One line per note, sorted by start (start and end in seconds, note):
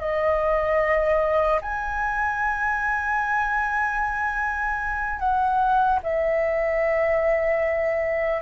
0.00 1.60 D#5
1.61 5.19 G#5
5.19 5.99 F#5
6.03 8.42 E5